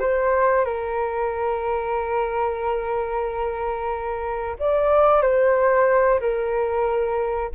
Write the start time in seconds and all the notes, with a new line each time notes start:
0.00 C5
0.65 A#4
4.59 D5
5.22 C5
6.20 A#4